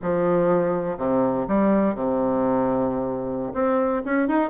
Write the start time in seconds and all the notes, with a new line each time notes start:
0.02 F3
0.97 C3
1.48 G3
1.94 C3
3.53 C4
4.05 C#4
4.27 D#4